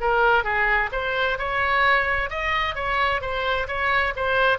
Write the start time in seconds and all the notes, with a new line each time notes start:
0.00 A#4
0.44 G#4
0.92 C5
1.38 C#5
2.30 D#5
2.75 C#5
3.21 C5
3.67 C#5
4.16 C5